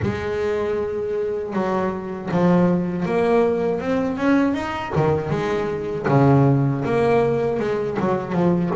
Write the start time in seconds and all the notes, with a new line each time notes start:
0.01 G#3
1.53 F#3
2.31 F3
3.05 A#3
3.80 C4
4.17 C#4
4.54 D#4
4.95 D#3
5.30 G#3
6.08 C#3
6.85 A#3
7.59 G#3
7.99 F#3
8.32 F3